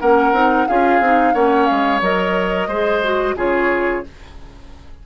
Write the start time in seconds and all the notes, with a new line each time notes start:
0.00 A#3 C#4 A#4 F#5
0.32 C4 D#4
0.67 C#4 F4 G#4 F5
0.99 C4 D#4
1.33 A#3 C#4 C#5 F#5
1.66 G#3 F5
2.01 F#3 A#4 D#5
2.67 G#3 G#4 C5
3.03 F#4
3.35 C#3 F4 G#4 C#5